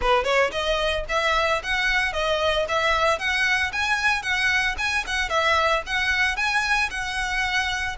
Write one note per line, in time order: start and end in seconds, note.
0.01 0.24 B4
0.24 0.50 C#5
0.51 1.04 D#5
1.08 1.61 E5
1.63 2.12 F#5
2.12 2.65 D#5
2.68 3.18 E5
3.18 3.71 F#5
3.72 4.22 G#5
4.22 4.75 F#5
4.78 5.04 G#5
5.06 5.29 F#5
5.29 5.82 E5
5.86 6.36 F#5
6.36 6.89 G#5
6.90 7.96 F#5